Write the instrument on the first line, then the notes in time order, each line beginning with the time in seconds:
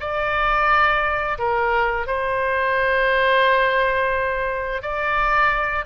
oboe
0.00 D5
1.38 A#4
2.07 C5
4.82 D5